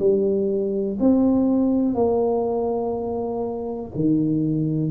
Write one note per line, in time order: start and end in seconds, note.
0.00 0.98 G3
1.00 1.95 C4
1.95 3.92 A#3
3.95 4.92 D#3